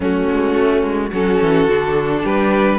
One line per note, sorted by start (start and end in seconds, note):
0.00 0.23 F#3
0.00 1.12 A3
0.00 1.10 C#4
0.00 1.13 F#4
0.30 0.55 G#3
0.55 0.83 A3
0.83 1.11 G#3
1.10 1.40 F#3
1.10 1.69 C#4
1.10 2.22 F#4
1.10 2.25 A4
1.41 1.67 E3
1.67 2.23 D3
1.67 2.78 D4
2.23 2.78 G3
2.23 2.78 G4
2.23 2.78 B4